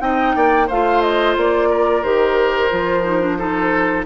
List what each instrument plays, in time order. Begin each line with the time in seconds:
0.00 bassoon C4, clarinet D#4, oboe D#5, flute G5
0.36 bassoon A#3, oboe D5
0.67 bassoon A3, clarinet F4, oboe C5, flute F5
1.02 flute D#5
1.37 bassoon A#3, flute D5
1.70 oboe A#4
2.03 bassoon D#3, clarinet G4, flute C5
2.70 bassoon F3, clarinet F4
3.04 clarinet D#4
3.21 clarinet D4
3.38 clarinet D#4, oboe A4